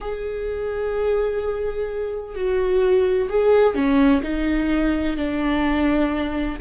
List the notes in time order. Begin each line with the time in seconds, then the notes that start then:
0.00 G#4
2.35 F#4
3.29 G#4
3.74 C#4
4.23 D#4
5.16 D4